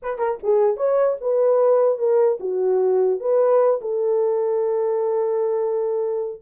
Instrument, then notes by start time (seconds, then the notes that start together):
horn
0.02 B4
0.18 A#4
0.43 G#4
0.76 C#5
1.20 B4
1.98 A#4
2.40 F#4
3.19 B4
3.81 A4